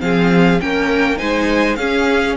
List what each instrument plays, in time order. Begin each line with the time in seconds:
0.00 cello F3, viola C4, violin G#4 F5
0.60 cello A#3, viola C#4, violin A#4 G5
1.17 cello G#3, viola D#4, violin C5 G#5
1.75 cello C#4, viola C#4, violin G#4 F5